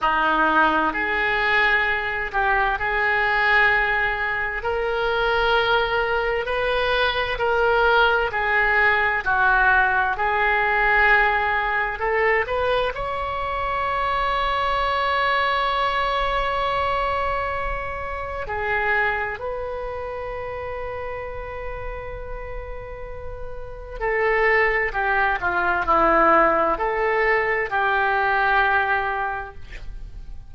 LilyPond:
\new Staff \with { instrumentName = "oboe" } { \time 4/4 \tempo 4 = 65 dis'4 gis'4. g'8 gis'4~ | gis'4 ais'2 b'4 | ais'4 gis'4 fis'4 gis'4~ | gis'4 a'8 b'8 cis''2~ |
cis''1 | gis'4 b'2.~ | b'2 a'4 g'8 f'8 | e'4 a'4 g'2 | }